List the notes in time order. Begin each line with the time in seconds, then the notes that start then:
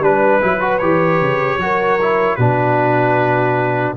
0.00 G3 D4 B4
0.42 F#3 E4
0.61 F#4
0.79 E3 G4 C#5
1.21 C#3
1.58 F#3 F#4 A#4
2.02 E4
2.36 B2 D4 F#4 B4